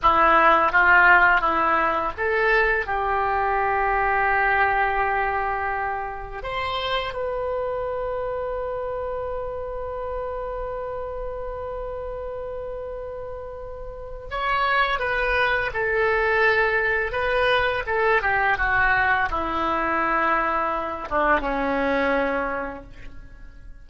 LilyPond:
\new Staff \with { instrumentName = "oboe" } { \time 4/4 \tempo 4 = 84 e'4 f'4 e'4 a'4 | g'1~ | g'4 c''4 b'2~ | b'1~ |
b'1 | cis''4 b'4 a'2 | b'4 a'8 g'8 fis'4 e'4~ | e'4. d'8 cis'2 | }